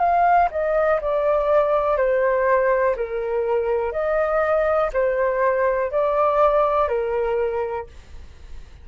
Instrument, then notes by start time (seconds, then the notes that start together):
flute
0.00 F5
0.51 D#5
1.01 D5
1.97 C5
2.96 A#4
3.93 D#5
4.94 C5
5.92 D5
6.89 A#4